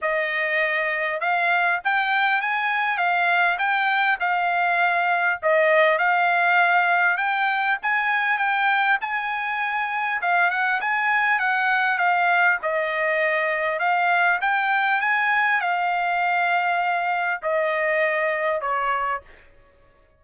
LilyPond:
\new Staff \with { instrumentName = "trumpet" } { \time 4/4 \tempo 4 = 100 dis''2 f''4 g''4 | gis''4 f''4 g''4 f''4~ | f''4 dis''4 f''2 | g''4 gis''4 g''4 gis''4~ |
gis''4 f''8 fis''8 gis''4 fis''4 | f''4 dis''2 f''4 | g''4 gis''4 f''2~ | f''4 dis''2 cis''4 | }